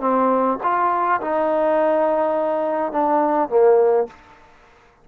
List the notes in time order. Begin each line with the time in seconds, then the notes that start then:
0.00 C4
0.63 F4
1.21 D#4
2.92 D4
3.49 A#3